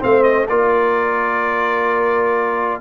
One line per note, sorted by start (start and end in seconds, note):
0.00 0.48 A3
0.00 0.47 C4
0.00 0.47 C5
0.00 0.22 F5
0.22 0.46 D#5
0.47 2.81 A#3
0.47 2.81 F4
0.47 2.80 A#4
0.47 2.81 D5